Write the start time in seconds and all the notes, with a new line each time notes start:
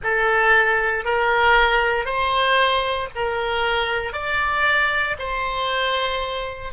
0.03 A4
1.04 A#4
2.05 C5
3.15 A#4
4.12 D5
5.19 C5